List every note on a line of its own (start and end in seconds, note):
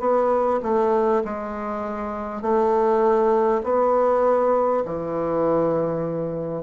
0.00 0.60 B3
0.62 1.22 A3
1.24 2.42 G#3
2.42 3.62 A3
3.63 4.83 B3
4.85 6.63 E3